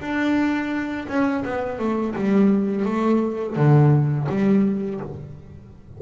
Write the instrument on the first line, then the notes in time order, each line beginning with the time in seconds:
double bass
0.00 D4
1.08 C#4
1.45 B3
1.79 A3
2.15 G3
2.85 A3
3.56 D3
4.29 G3